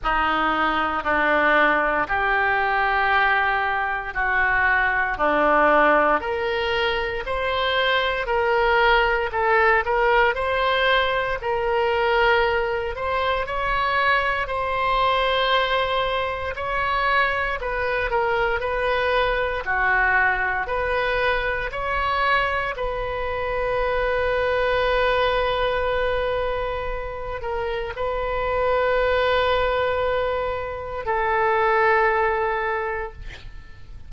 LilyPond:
\new Staff \with { instrumentName = "oboe" } { \time 4/4 \tempo 4 = 58 dis'4 d'4 g'2 | fis'4 d'4 ais'4 c''4 | ais'4 a'8 ais'8 c''4 ais'4~ | ais'8 c''8 cis''4 c''2 |
cis''4 b'8 ais'8 b'4 fis'4 | b'4 cis''4 b'2~ | b'2~ b'8 ais'8 b'4~ | b'2 a'2 | }